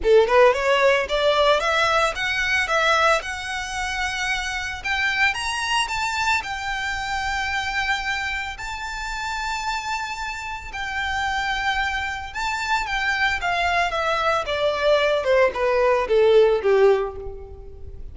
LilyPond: \new Staff \with { instrumentName = "violin" } { \time 4/4 \tempo 4 = 112 a'8 b'8 cis''4 d''4 e''4 | fis''4 e''4 fis''2~ | fis''4 g''4 ais''4 a''4 | g''1 |
a''1 | g''2. a''4 | g''4 f''4 e''4 d''4~ | d''8 c''8 b'4 a'4 g'4 | }